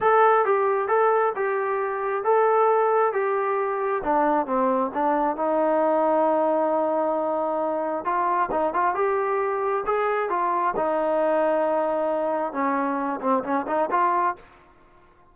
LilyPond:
\new Staff \with { instrumentName = "trombone" } { \time 4/4 \tempo 4 = 134 a'4 g'4 a'4 g'4~ | g'4 a'2 g'4~ | g'4 d'4 c'4 d'4 | dis'1~ |
dis'2 f'4 dis'8 f'8 | g'2 gis'4 f'4 | dis'1 | cis'4. c'8 cis'8 dis'8 f'4 | }